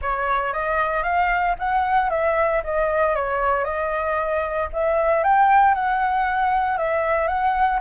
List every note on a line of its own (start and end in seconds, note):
0.01 0.53 C#5
0.53 1.03 D#5
1.03 1.55 F5
1.59 2.10 F#5
2.10 2.62 E5
2.63 3.15 D#5
3.15 3.64 C#5
3.64 4.68 D#5
4.72 5.23 E5
5.23 5.74 G5
5.74 6.77 F#5
6.77 7.27 E5
7.27 7.79 F#5